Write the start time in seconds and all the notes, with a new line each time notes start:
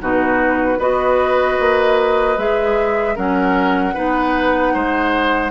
0.00 B2 D#4 F#4 B4
0.78 B3 F#4 B4 D#5
1.59 A#3
2.37 G#3 G#4 E5
3.15 F#3 C#4 A#4 F#5
3.94 B3 D#4 B4
4.73 G#3 C5